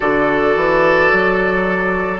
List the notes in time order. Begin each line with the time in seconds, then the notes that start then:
0.00 D3 F#4 A4 D5
0.56 E3
1.12 F#3